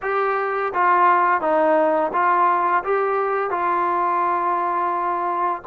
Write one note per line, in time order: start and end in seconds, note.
0.02 0.72 G4
0.73 1.41 F4
1.41 2.11 D#4
2.12 2.83 F4
2.84 3.50 G4
3.50 5.62 F4